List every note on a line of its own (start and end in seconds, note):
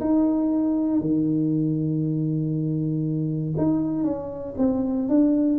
0.00 1.00 D#4
1.00 3.54 D#3
3.57 4.04 D#4
4.04 4.54 C#4
4.57 5.08 C4
5.08 5.59 D4